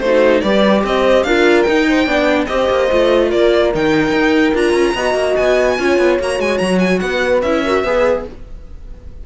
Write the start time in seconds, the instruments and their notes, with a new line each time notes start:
0.00 cello A3, viola D#4, horn F#4, violin C5
0.41 cello G3, viola G4, horn B4, violin D5
0.84 cello C4, horn C5, violin D#5
1.24 cello D4, viola F4, horn A#4, violin F5
1.63 viola D#4, cello D#4, violin G5
1.89 horn C5
2.06 cello B3, viola D4, horn D5
2.47 cello C4, viola G4, horn C5, violin D#5
2.70 cello A#3
2.92 cello A3, viola F4
3.30 cello A#3, horn A#4, violin D5
3.74 cello D#3, viola D#4, violin G5
4.12 cello D#4
4.54 cello D4, viola F4, violin A#5
4.73 cello C#4
4.95 cello B3, viola F#4, horn D#5
5.14 cello A#3
5.36 cello B3, violin G#5
5.79 cello C#4, viola F4, horn C#5
5.98 cello B3
6.20 cello A#3, viola F#4, violin A#5
6.40 cello G#3, violin G#5
6.58 cello F#3, violin A#5
6.79 violin G#5
7.00 cello B3, horn B4, violin F#5
7.42 cello C#4, viola E4, violin E5
7.65 viola F#4, horn A#4
7.84 cello B3, viola G#4, horn B4